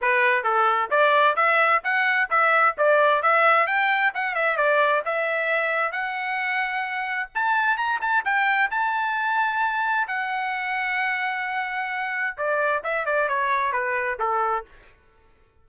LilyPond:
\new Staff \with { instrumentName = "trumpet" } { \time 4/4 \tempo 4 = 131 b'4 a'4 d''4 e''4 | fis''4 e''4 d''4 e''4 | g''4 fis''8 e''8 d''4 e''4~ | e''4 fis''2. |
a''4 ais''8 a''8 g''4 a''4~ | a''2 fis''2~ | fis''2. d''4 | e''8 d''8 cis''4 b'4 a'4 | }